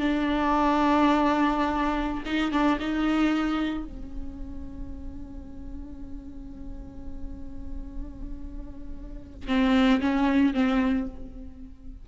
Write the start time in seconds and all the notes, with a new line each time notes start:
0.00 D4
2.26 D#4
2.52 D4
2.80 D#4
3.84 C#4
9.48 C4
10.01 C#4
10.54 C4